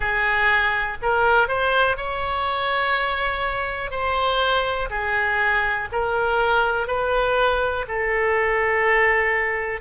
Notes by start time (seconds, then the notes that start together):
0.00 G#4
1.01 A#4
1.48 C5
1.97 C#5
3.91 C5
4.90 G#4
5.92 A#4
6.87 B4
7.87 A4